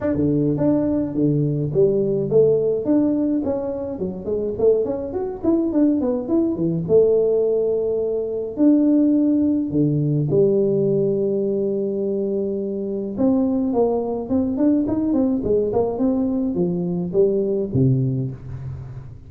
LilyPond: \new Staff \with { instrumentName = "tuba" } { \time 4/4 \tempo 4 = 105 d'16 d8. d'4 d4 g4 | a4 d'4 cis'4 fis8 gis8 | a8 cis'8 fis'8 e'8 d'8 b8 e'8 e8 | a2. d'4~ |
d'4 d4 g2~ | g2. c'4 | ais4 c'8 d'8 dis'8 c'8 gis8 ais8 | c'4 f4 g4 c4 | }